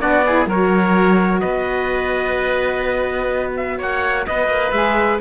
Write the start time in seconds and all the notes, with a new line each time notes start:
0.00 B3 D4 F#4 D5
0.26 E4 G#4
0.46 F#3 F#4 A#4 C#5
1.40 B3 B4 D#5
3.56 E5
3.77 A#3 C#5 F#5
4.26 B3 B4 D#5
4.48 A#3
4.71 G#3 G#4 E5